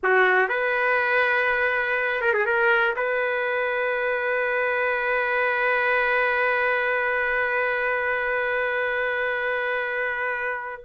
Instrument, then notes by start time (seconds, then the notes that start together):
trumpet
0.03 F#4
0.49 B4
2.21 A#4
2.33 G#4
2.45 A#4
2.96 B4